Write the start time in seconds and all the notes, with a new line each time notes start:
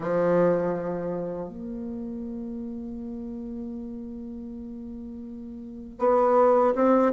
0.00 F3
1.49 A#3
5.99 B3
6.75 C4